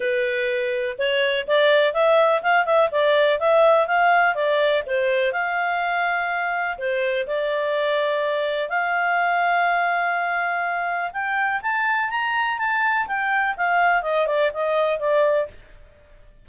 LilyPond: \new Staff \with { instrumentName = "clarinet" } { \time 4/4 \tempo 4 = 124 b'2 cis''4 d''4 | e''4 f''8 e''8 d''4 e''4 | f''4 d''4 c''4 f''4~ | f''2 c''4 d''4~ |
d''2 f''2~ | f''2. g''4 | a''4 ais''4 a''4 g''4 | f''4 dis''8 d''8 dis''4 d''4 | }